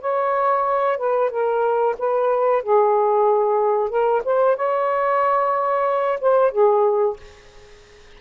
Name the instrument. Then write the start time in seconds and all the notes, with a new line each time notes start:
saxophone
0.00 C#5
0.97 B4
1.30 A#4
1.98 B4
2.62 G#4
3.89 A#4
4.25 C5
4.56 C#5
6.20 C5
6.51 G#4